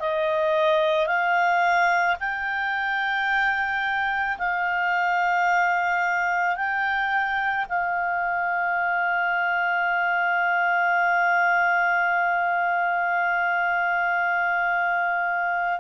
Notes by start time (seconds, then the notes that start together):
0.00 D#5
1.07 F5
2.20 G5
4.38 F5
6.57 G5
7.69 F5